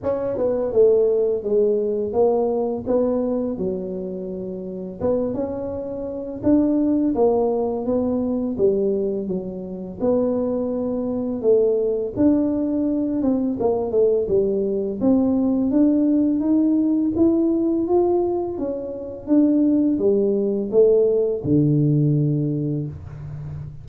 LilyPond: \new Staff \with { instrumentName = "tuba" } { \time 4/4 \tempo 4 = 84 cis'8 b8 a4 gis4 ais4 | b4 fis2 b8 cis'8~ | cis'4 d'4 ais4 b4 | g4 fis4 b2 |
a4 d'4. c'8 ais8 a8 | g4 c'4 d'4 dis'4 | e'4 f'4 cis'4 d'4 | g4 a4 d2 | }